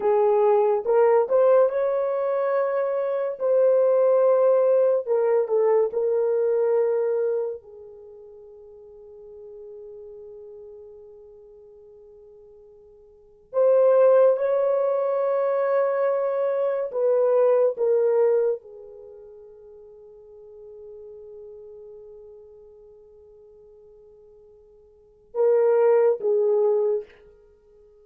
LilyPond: \new Staff \with { instrumentName = "horn" } { \time 4/4 \tempo 4 = 71 gis'4 ais'8 c''8 cis''2 | c''2 ais'8 a'8 ais'4~ | ais'4 gis'2.~ | gis'1 |
c''4 cis''2. | b'4 ais'4 gis'2~ | gis'1~ | gis'2 ais'4 gis'4 | }